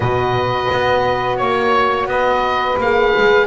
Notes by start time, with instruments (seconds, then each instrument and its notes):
0.00 double bass B2, horn F#4, saxophone B4, oboe D#5
0.72 double bass B3
1.36 double bass A#3, oboe C#5, saxophone C#5
2.06 double bass B3, saxophone B4, oboe D#5
2.78 double bass A#3, horn G#4, oboe F5
3.17 double bass G#3